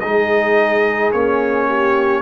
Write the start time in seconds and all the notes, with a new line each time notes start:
0.00 G#3 D#4 G#4 D#5
1.12 A#3 C#4 C#5
1.68 G4